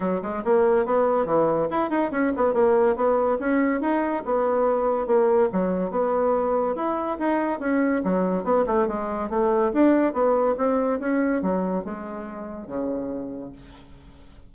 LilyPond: \new Staff \with { instrumentName = "bassoon" } { \time 4/4 \tempo 4 = 142 fis8 gis8 ais4 b4 e4 | e'8 dis'8 cis'8 b8 ais4 b4 | cis'4 dis'4 b2 | ais4 fis4 b2 |
e'4 dis'4 cis'4 fis4 | b8 a8 gis4 a4 d'4 | b4 c'4 cis'4 fis4 | gis2 cis2 | }